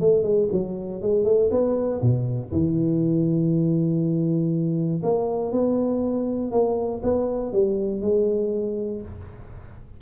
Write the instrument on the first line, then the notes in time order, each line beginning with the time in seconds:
tuba
0.00 A3
0.23 G#3
0.52 F#3
1.02 G#3
1.25 A3
1.51 B3
2.01 B2
2.52 E3
5.03 A#3
5.52 B3
6.51 A#3
7.03 B3
7.52 G3
8.01 G#3